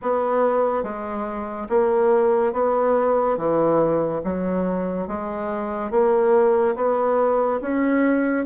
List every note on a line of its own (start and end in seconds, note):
0.02 0.83 B3
0.83 1.67 G#3
1.69 2.52 A#3
2.52 3.36 B3
3.36 4.21 E3
4.23 5.07 F#3
5.07 5.90 G#3
5.90 6.75 A#3
6.75 7.60 B3
7.61 8.45 C#4